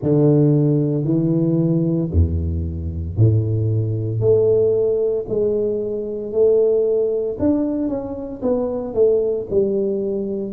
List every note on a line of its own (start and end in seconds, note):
0.02 1.04 D3
1.04 2.09 E3
2.11 3.17 E2
3.17 4.20 A2
4.20 5.25 A3
5.28 6.32 G#3
6.32 7.37 A3
7.39 7.88 D4
7.88 8.41 C#4
8.42 8.94 B3
8.94 9.46 A3
9.50 10.53 G3